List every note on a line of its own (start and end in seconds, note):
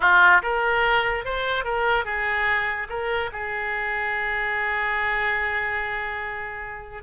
0.00 0.41 F4
0.42 1.25 A#4
1.25 1.64 C5
1.64 2.05 A#4
2.05 2.87 G#4
2.89 3.30 A#4
3.32 7.03 G#4